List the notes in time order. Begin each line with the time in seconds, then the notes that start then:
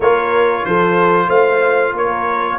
0.00 A#3 F4 A#4 C#5
0.65 F3 A4 C5
1.26 A3 C5 F5
1.92 A#3 A#4 C#5